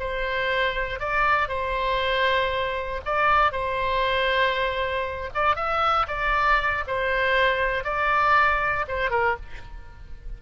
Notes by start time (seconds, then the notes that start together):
0.00 C5
1.00 D5
1.49 C5
3.05 D5
3.52 C5
5.34 D5
5.56 E5
6.08 D5
6.87 C5
7.84 D5
8.88 C5
9.11 A#4